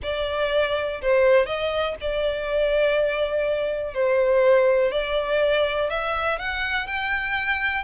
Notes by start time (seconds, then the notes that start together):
0.02 D5
1.01 C5
1.46 D#5
2.00 D5
3.94 C5
4.91 D5
5.90 E5
6.38 F#5
6.87 G5